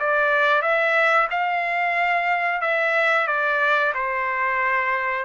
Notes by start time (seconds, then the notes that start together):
0.00 D5
0.62 E5
1.31 F5
2.62 E5
3.28 D5
3.95 C5